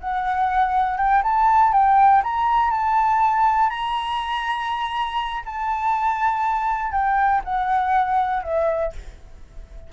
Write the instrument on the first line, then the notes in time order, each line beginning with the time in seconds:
flute
0.00 F#5
0.97 G5
1.23 A5
1.72 G5
2.23 A#5
2.70 A5
3.70 A#5
5.45 A5
6.92 G5
7.44 F#5
8.43 E5